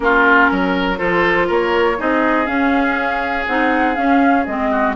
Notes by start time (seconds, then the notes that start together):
0.00 A#3 C#4 F4 A#4
0.51 F#3 A#4
0.97 F3 F4 A4 C5
1.47 A#3 A#4 C#5
1.98 C4 D#4 G#4 D#5
2.46 C#4 F5
3.46 C4 D#4 F#5
3.95 C#4 F5
4.45 G#3 C4 D#5
4.70 F#4